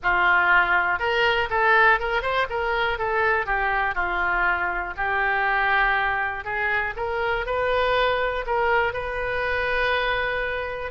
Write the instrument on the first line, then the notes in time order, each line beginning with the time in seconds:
oboe
0.02 F4
0.99 A#4
1.49 A4
1.99 A#4
2.22 C5
2.49 A#4
2.98 A4
3.46 G4
3.94 F4
4.97 G4
6.44 G#4
6.96 A#4
7.45 B4
8.46 A#4
8.93 B4